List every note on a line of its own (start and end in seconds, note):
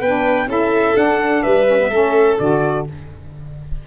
0.00 0.47 B3
0.00 0.47 B4
0.00 0.49 G5
0.06 0.48 D4
0.47 0.94 C#4
0.47 0.95 E4
0.47 1.42 A4
0.47 0.97 E5
0.95 1.66 D4
0.95 1.44 D4
0.95 1.43 F#5
1.42 1.89 G3
1.42 1.90 B4
1.42 2.37 E5
1.66 1.78 C#4
1.79 1.90 B3
1.89 2.36 A3
1.89 2.39 C#4
1.89 2.84 A4
2.39 2.87 D3
2.39 2.87 F#4
2.39 2.86 D5